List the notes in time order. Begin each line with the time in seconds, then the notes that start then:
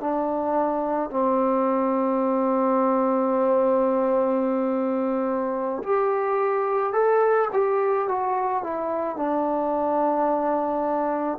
0.00 D4
1.10 C4
5.83 G4
6.93 A4
7.53 G4
8.08 F#4
8.63 E4
9.16 D4